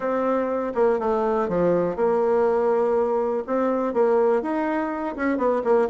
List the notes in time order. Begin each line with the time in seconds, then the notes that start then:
0.00 C4
0.74 A#3
0.99 A3
1.48 F3
1.96 A#3
3.46 C4
3.93 A#3
4.42 D#4
5.16 C#4
5.37 B3
5.63 A#3